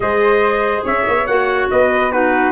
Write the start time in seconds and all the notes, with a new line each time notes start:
0.00 G#3 G#4 C5 D#5
0.84 C#4 C#5 E5
1.07 B3
1.26 A#3 F#4 F#5
1.70 B3 B4 D#5
2.11 D#4 F#4 B4